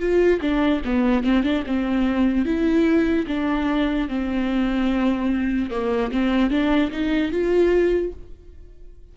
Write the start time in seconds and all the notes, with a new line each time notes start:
0.00 F4
0.42 D4
0.85 B3
1.24 C4
1.44 D4
1.67 C4
2.45 E4
3.28 D4
4.09 C4
5.71 A#3
6.12 C4
6.51 D4
6.91 D#4
7.32 F4